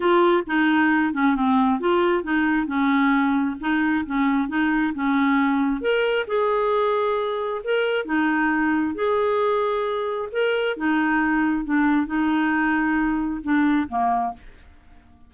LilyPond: \new Staff \with { instrumentName = "clarinet" } { \time 4/4 \tempo 4 = 134 f'4 dis'4. cis'8 c'4 | f'4 dis'4 cis'2 | dis'4 cis'4 dis'4 cis'4~ | cis'4 ais'4 gis'2~ |
gis'4 ais'4 dis'2 | gis'2. ais'4 | dis'2 d'4 dis'4~ | dis'2 d'4 ais4 | }